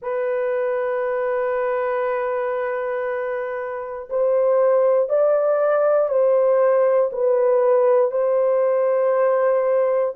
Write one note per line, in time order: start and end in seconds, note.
0.02 4.09 B4
4.09 5.09 C5
5.09 6.08 D5
6.08 7.10 C5
7.12 8.11 B4
8.11 10.14 C5